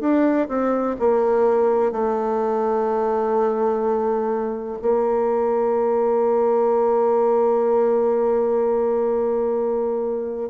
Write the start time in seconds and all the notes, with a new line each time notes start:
0.00 D4
0.48 C4
0.99 A#3
1.92 A3
4.81 A#3